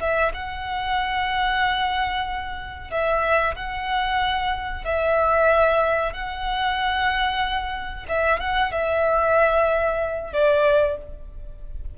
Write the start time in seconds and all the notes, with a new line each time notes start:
0.00 E5
0.34 F#5
2.91 E5
3.56 F#5
4.85 E5
6.13 F#5
8.09 E5
8.40 F#5
8.72 E5
10.33 D5